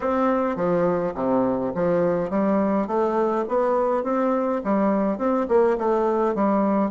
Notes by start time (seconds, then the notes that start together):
0.00 C4
0.55 F3
1.14 C3
1.74 F3
2.29 G3
2.87 A3
3.48 B3
4.03 C4
4.64 G3
5.18 C4
5.48 A#3
5.77 A3
6.34 G3